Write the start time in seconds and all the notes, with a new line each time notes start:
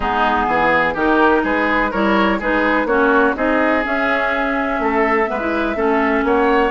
0.00 G#3 B3 D#4 G#4
0.47 E3 G#4
0.94 D#3 D#4 G4 A#4
1.43 G#3 G#4 B4
1.90 G3 E4 A#4 C#5
2.39 G#3 D#4 G#4 B4
2.85 A#3 C#4 F#4 C#5
3.35 C4 D#4 G#4 D#5
3.83 C#4 E5
4.79 A3 A4
5.26 G#3 B3 B4
5.39 E4
5.75 A3 C#4 A4
6.23 A#3 C#5 F#5